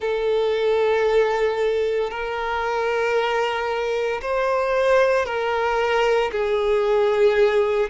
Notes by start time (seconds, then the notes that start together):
0.00 A4
2.10 A#4
4.21 C5
5.25 A#4
6.31 G#4